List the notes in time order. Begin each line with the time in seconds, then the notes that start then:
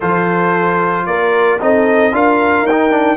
0.00 F3 F4 A4 C5
1.06 A#3 A#4 D5
1.59 C4 D#4 A4 D#5
2.12 D4 F4 A#4 F5
2.62 D#4 G5
2.70 D#4
2.90 D4